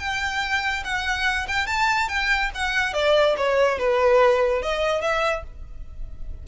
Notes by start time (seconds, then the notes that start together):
0.00 G5
0.85 F#5
1.48 G5
1.67 A5
2.09 G5
2.55 F#5
2.94 D5
3.38 C#5
3.79 B4
4.63 D#5
5.02 E5